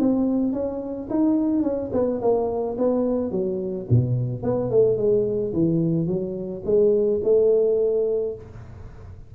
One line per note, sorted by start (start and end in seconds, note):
0.00 0.53 C4
0.53 1.09 C#4
1.11 1.63 D#4
1.63 1.91 C#4
1.93 2.21 B3
2.22 2.77 A#3
2.79 3.31 B3
3.31 3.87 F#3
3.91 4.43 B2
4.43 4.71 B3
4.71 4.98 A3
4.98 5.53 G#3
5.54 6.07 E3
6.07 6.63 F#3
6.65 7.21 G#3
7.24 8.35 A3